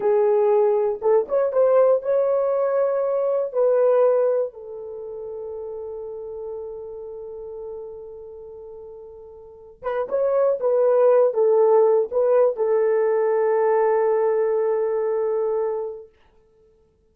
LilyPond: \new Staff \with { instrumentName = "horn" } { \time 4/4 \tempo 4 = 119 gis'2 a'8 cis''8 c''4 | cis''2. b'4~ | b'4 a'2.~ | a'1~ |
a'2.~ a'8 b'8 | cis''4 b'4. a'4. | b'4 a'2.~ | a'1 | }